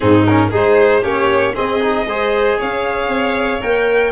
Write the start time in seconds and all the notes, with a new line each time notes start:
0.00 G#2 C4 D#4 G#4
0.25 C#4 A#4
0.49 G#3 D#4 G#4 C5
1.00 A#3 C#4 G4 C#5
1.54 C4 G#4 D#5
1.80 D#4
2.05 G#3 G#4 C5
2.58 C#4 C#5 F5
3.08 C4
3.61 A#3 A#4 G5